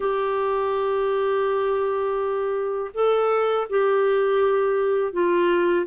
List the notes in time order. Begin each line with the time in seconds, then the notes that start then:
0.00 G4
2.94 A4
3.69 G4
5.12 F4